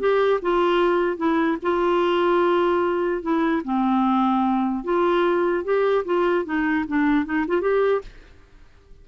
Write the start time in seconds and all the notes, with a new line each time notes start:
0.00 G4
0.42 F4
1.17 E4
1.63 F4
3.22 E4
3.64 C4
4.84 F4
5.64 G4
6.05 F4
6.45 D#4
6.88 D4
7.25 D#4
7.47 F4
7.61 G4